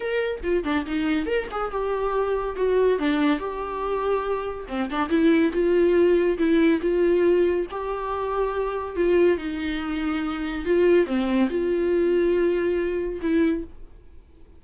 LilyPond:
\new Staff \with { instrumentName = "viola" } { \time 4/4 \tempo 4 = 141 ais'4 f'8 d'8 dis'4 ais'8 gis'8 | g'2 fis'4 d'4 | g'2. c'8 d'8 | e'4 f'2 e'4 |
f'2 g'2~ | g'4 f'4 dis'2~ | dis'4 f'4 c'4 f'4~ | f'2. e'4 | }